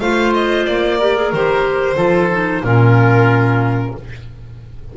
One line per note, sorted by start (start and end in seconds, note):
0.00 0.66 A3
0.00 1.00 F4
0.00 0.99 C5
0.00 0.33 F5
0.34 0.65 D#5
0.65 1.33 A#3
0.65 1.31 D5
0.99 1.16 G4
0.99 1.96 A#4
1.16 1.33 G#4
1.33 1.96 D#3
1.33 1.96 G4
1.33 2.65 C5
1.96 2.62 F3
1.96 2.29 F4
1.96 2.62 A4
2.30 2.63 D#4
2.62 3.94 A#2
2.62 3.95 C#4
2.62 3.94 F4
2.62 3.97 A#4